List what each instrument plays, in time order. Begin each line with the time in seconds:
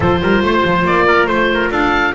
0.00 double bass F3, viola F4, trumpet A4, oboe C5
0.22 double bass G3, trumpet A#4
0.42 double bass A3, trumpet C5
0.64 double bass F3
0.85 double bass A#3, oboe D5
1.07 trumpet A#4
1.26 double bass A3, oboe C5, trumpet C5
1.53 trumpet A#4
1.70 double bass D4, trumpet A4, oboe F5